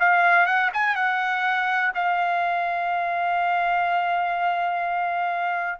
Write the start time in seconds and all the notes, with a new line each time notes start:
0.00 F5
0.46 F#5
0.73 G#5
0.95 F#5
1.94 F5